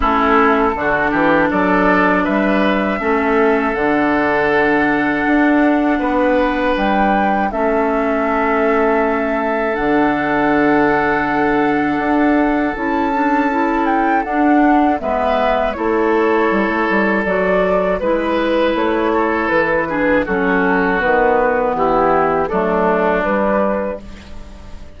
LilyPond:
<<
  \new Staff \with { instrumentName = "flute" } { \time 4/4 \tempo 4 = 80 a'2 d''4 e''4~ | e''4 fis''2.~ | fis''4 g''4 e''2~ | e''4 fis''2.~ |
fis''4 a''4. g''8 fis''4 | e''4 cis''2 d''4 | b'4 cis''4 b'4 a'4 | b'4 g'4 a'4 b'4 | }
  \new Staff \with { instrumentName = "oboe" } { \time 4/4 e'4 fis'8 g'8 a'4 b'4 | a'1 | b'2 a'2~ | a'1~ |
a'1 | b'4 a'2. | b'4. a'4 gis'8 fis'4~ | fis'4 e'4 d'2 | }
  \new Staff \with { instrumentName = "clarinet" } { \time 4/4 cis'4 d'2. | cis'4 d'2.~ | d'2 cis'2~ | cis'4 d'2.~ |
d'4 e'8 d'8 e'4 d'4 | b4 e'2 fis'4 | e'2~ e'8 d'8 cis'4 | b2 a4 g4 | }
  \new Staff \with { instrumentName = "bassoon" } { \time 4/4 a4 d8 e8 fis4 g4 | a4 d2 d'4 | b4 g4 a2~ | a4 d2. |
d'4 cis'2 d'4 | gis4 a4 g16 a16 g8 fis4 | gis4 a4 e4 fis4 | dis4 e4 fis4 g4 | }
>>